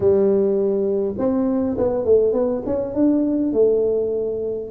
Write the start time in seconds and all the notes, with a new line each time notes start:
0.00 G3
1.17 C4
1.78 B3
2.04 A3
2.33 B3
2.66 C#4
2.94 D4
3.53 A3